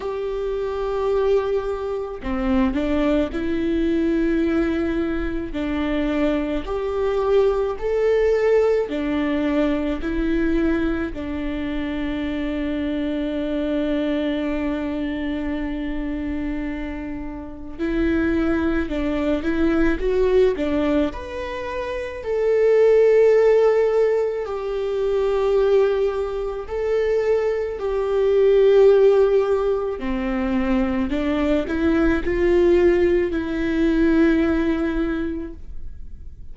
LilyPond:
\new Staff \with { instrumentName = "viola" } { \time 4/4 \tempo 4 = 54 g'2 c'8 d'8 e'4~ | e'4 d'4 g'4 a'4 | d'4 e'4 d'2~ | d'1 |
e'4 d'8 e'8 fis'8 d'8 b'4 | a'2 g'2 | a'4 g'2 c'4 | d'8 e'8 f'4 e'2 | }